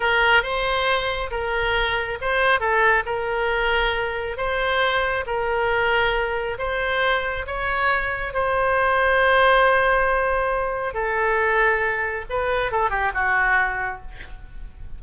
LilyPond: \new Staff \with { instrumentName = "oboe" } { \time 4/4 \tempo 4 = 137 ais'4 c''2 ais'4~ | ais'4 c''4 a'4 ais'4~ | ais'2 c''2 | ais'2. c''4~ |
c''4 cis''2 c''4~ | c''1~ | c''4 a'2. | b'4 a'8 g'8 fis'2 | }